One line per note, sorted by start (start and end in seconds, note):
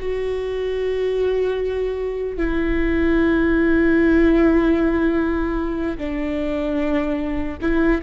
0.00 2.37 F#4
2.37 5.97 E4
5.98 7.58 D4
7.62 8.02 E4